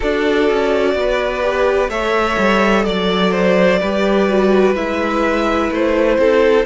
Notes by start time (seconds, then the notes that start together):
0.00 D4 F#4 A4 D5
0.49 C#4
0.94 B3 B4
1.41 G4
1.88 A3 A4 C#5 E5
2.37 G3
2.84 F#3 D5
3.31 C5
3.80 G3 G4 B4
4.29 F#4
4.74 G#3 E4 E5
5.71 A3 C5
6.18 C4 A4